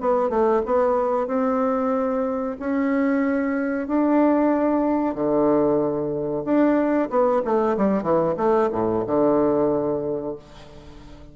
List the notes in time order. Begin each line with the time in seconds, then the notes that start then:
0.00 B3
0.29 A3
0.65 B3
1.27 C4
2.59 C#4
3.87 D4
5.14 D3
6.45 D4
7.10 B3
7.44 A3
7.77 G3
8.02 E3
8.37 A3
8.72 A2
9.06 D3